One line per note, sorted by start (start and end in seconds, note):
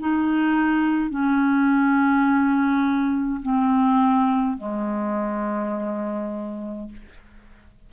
0.00 1.10 D#4
1.10 3.41 C#4
3.42 4.58 C4
4.58 6.89 G#3